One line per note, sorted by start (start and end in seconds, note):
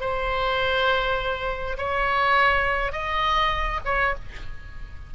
0.00 1.76 C5
1.77 2.92 C#5
2.92 3.80 D#5
3.85 4.14 C#5